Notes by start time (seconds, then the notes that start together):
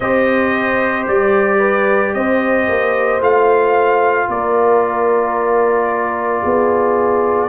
0.00 C4 G4 C5 D#5
1.07 G3 D5
1.58 B4
2.13 C4 C5 D#5
2.67 A#3
3.20 A3 F4 F5
4.28 A#3 A#4 D5
6.42 B3 G#4